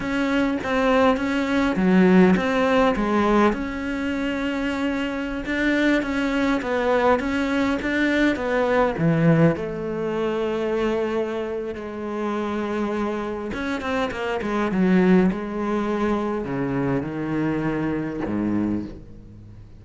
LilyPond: \new Staff \with { instrumentName = "cello" } { \time 4/4 \tempo 4 = 102 cis'4 c'4 cis'4 fis4 | c'4 gis4 cis'2~ | cis'4~ cis'16 d'4 cis'4 b8.~ | b16 cis'4 d'4 b4 e8.~ |
e16 a2.~ a8. | gis2. cis'8 c'8 | ais8 gis8 fis4 gis2 | cis4 dis2 gis,4 | }